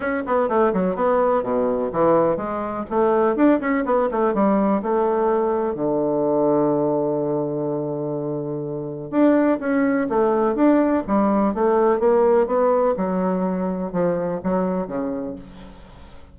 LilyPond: \new Staff \with { instrumentName = "bassoon" } { \time 4/4 \tempo 4 = 125 cis'8 b8 a8 fis8 b4 b,4 | e4 gis4 a4 d'8 cis'8 | b8 a8 g4 a2 | d1~ |
d2. d'4 | cis'4 a4 d'4 g4 | a4 ais4 b4 fis4~ | fis4 f4 fis4 cis4 | }